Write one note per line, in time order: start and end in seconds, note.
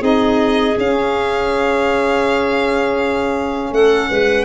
0.00 0.75 C4
0.00 0.74 D#4
0.00 3.70 G#4
0.00 0.78 D#5
0.78 3.72 C#4
0.78 4.45 C#4
0.78 3.73 F5
3.72 4.09 A3
3.72 4.10 A4
3.72 4.45 F#5
4.10 4.45 G#3
4.10 4.45 B4